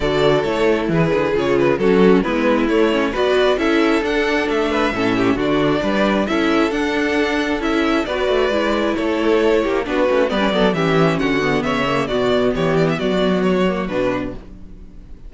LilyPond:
<<
  \new Staff \with { instrumentName = "violin" } { \time 4/4 \tempo 4 = 134 d''4 cis''4 b'4 cis''8 b'8 | a'4 b'4 cis''4 d''4 | e''4 fis''4 e''2 | d''2 e''4 fis''4~ |
fis''4 e''4 d''2 | cis''2 b'4 d''4 | e''4 fis''4 e''4 d''4 | cis''8 d''16 e''16 d''4 cis''4 b'4 | }
  \new Staff \with { instrumentName = "violin" } { \time 4/4 a'2 gis'2 | fis'4 e'2 b'4 | a'2~ a'8 b'8 a'8 g'8 | fis'4 b'4 a'2~ |
a'2 b'2 | a'4. g'8 fis'4 b'8 a'8 | g'4 fis'4 cis''4 fis'4 | g'4 fis'2. | }
  \new Staff \with { instrumentName = "viola" } { \time 4/4 fis'4 e'2 f'4 | cis'4 b4 a8 cis'8 fis'4 | e'4 d'2 cis'4 | d'2 e'4 d'4~ |
d'4 e'4 fis'4 e'4~ | e'2 d'8 cis'8 b16 cis'16 b8 | cis'4. b4 ais8 b4~ | b2~ b8 ais8 d'4 | }
  \new Staff \with { instrumentName = "cello" } { \time 4/4 d4 a4 e8 d8 cis4 | fis4 gis4 a4 b4 | cis'4 d'4 a4 a,4 | d4 g4 cis'4 d'4~ |
d'4 cis'4 b8 a8 gis4 | a4. ais8 b8 a8 g8 fis8 | e4 d4 cis4 b,4 | e4 fis2 b,4 | }
>>